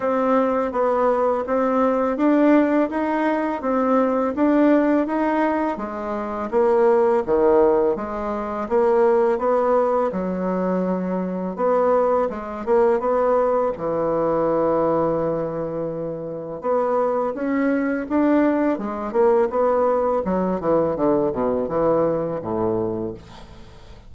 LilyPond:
\new Staff \with { instrumentName = "bassoon" } { \time 4/4 \tempo 4 = 83 c'4 b4 c'4 d'4 | dis'4 c'4 d'4 dis'4 | gis4 ais4 dis4 gis4 | ais4 b4 fis2 |
b4 gis8 ais8 b4 e4~ | e2. b4 | cis'4 d'4 gis8 ais8 b4 | fis8 e8 d8 b,8 e4 a,4 | }